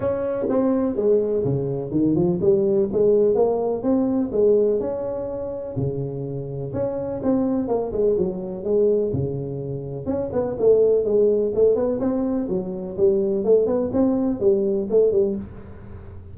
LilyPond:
\new Staff \with { instrumentName = "tuba" } { \time 4/4 \tempo 4 = 125 cis'4 c'4 gis4 cis4 | dis8 f8 g4 gis4 ais4 | c'4 gis4 cis'2 | cis2 cis'4 c'4 |
ais8 gis8 fis4 gis4 cis4~ | cis4 cis'8 b8 a4 gis4 | a8 b8 c'4 fis4 g4 | a8 b8 c'4 g4 a8 g8 | }